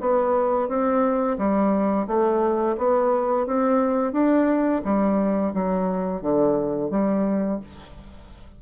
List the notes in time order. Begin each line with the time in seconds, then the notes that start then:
0.00 B3
0.68 C4
1.38 G3
2.07 A3
2.78 B3
3.46 C4
4.13 D4
4.84 G3
5.54 F#3
6.21 D3
6.90 G3